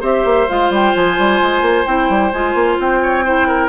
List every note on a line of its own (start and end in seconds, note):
0.00 0.24 C4
0.00 0.48 G4
0.00 3.00 C5
0.00 0.49 E5
0.24 0.47 A#3
0.48 0.70 G#3
0.48 1.85 F4
0.48 0.72 F5
0.70 0.93 G3
0.70 0.95 G5
0.95 1.18 F3
0.95 1.85 G#5
1.18 1.41 G3
1.41 1.61 G#3
1.61 1.84 A#3
1.85 2.09 C4
1.85 2.32 E4
1.85 2.32 G5
2.09 2.32 G3
2.32 2.54 G#3
2.32 3.24 F4
2.32 2.78 G#5
2.54 2.77 A#3
2.78 3.69 C4
2.78 3.69 G5
3.02 3.24 C#5
3.24 3.69 E4
3.24 3.47 C5
3.47 3.69 A#4